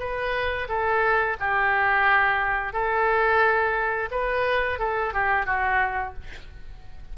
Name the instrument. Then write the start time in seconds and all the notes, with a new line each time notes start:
oboe
0.00 B4
0.69 A4
1.40 G4
2.73 A4
4.11 B4
4.79 A4
5.14 G4
5.46 F#4